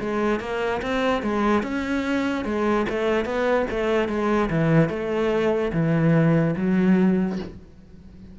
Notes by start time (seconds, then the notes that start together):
0.00 G#3
0.40 A#3
0.82 C4
1.22 G#3
1.63 C#4
2.45 G#3
2.89 A3
3.25 B3
3.71 A3
4.09 G#3
4.50 E3
4.89 A3
5.73 E3
6.56 F#3